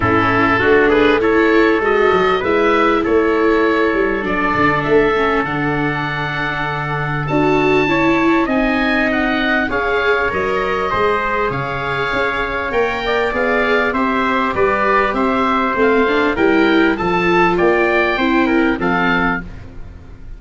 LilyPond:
<<
  \new Staff \with { instrumentName = "oboe" } { \time 4/4 \tempo 4 = 99 a'4. b'8 cis''4 dis''4 | e''4 cis''2 d''4 | e''4 fis''2. | a''2 gis''4 fis''4 |
f''4 dis''2 f''4~ | f''4 g''4 f''4 e''4 | d''4 e''4 f''4 g''4 | a''4 g''2 f''4 | }
  \new Staff \with { instrumentName = "trumpet" } { \time 4/4 e'4 fis'8 gis'8 a'2 | b'4 a'2.~ | a'1~ | a'4 cis''4 dis''2 |
cis''2 c''4 cis''4~ | cis''4. d''4. c''4 | b'4 c''2 ais'4 | a'4 d''4 c''8 ais'8 a'4 | }
  \new Staff \with { instrumentName = "viola" } { \time 4/4 cis'4 d'4 e'4 fis'4 | e'2. d'4~ | d'8 cis'8 d'2. | fis'4 e'4 dis'2 |
gis'4 ais'4 gis'2~ | gis'4 ais'4 gis'4 g'4~ | g'2 c'8 d'8 e'4 | f'2 e'4 c'4 | }
  \new Staff \with { instrumentName = "tuba" } { \time 4/4 a,4 a2 gis8 fis8 | gis4 a4. g8 fis8 d8 | a4 d2. | d'4 cis'4 c'2 |
cis'4 fis4 gis4 cis4 | cis'4 ais4 b4 c'4 | g4 c'4 a4 g4 | f4 ais4 c'4 f4 | }
>>